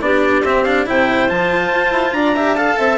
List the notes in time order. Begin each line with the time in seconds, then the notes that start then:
0.00 B3 D4 G4 D5
0.42 C4 E5
0.63 D4 F5
0.86 C3 E4 C5 G5
1.28 F3 F4 A5
1.71 F4
1.90 E4
2.12 D4 D5 A#5
2.35 G4 E5
2.55 A4 F5 A5
2.78 C4 E5